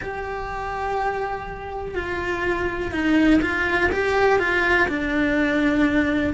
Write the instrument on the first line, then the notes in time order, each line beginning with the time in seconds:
cello
0.01 G4
1.94 F4
2.91 D#4
3.41 F4
3.92 G4
4.39 F4
4.88 D4